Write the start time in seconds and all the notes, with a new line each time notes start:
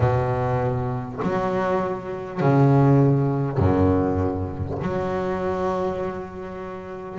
0.00 B2
1.22 F#3
2.40 C#3
3.58 F#2
4.82 F#3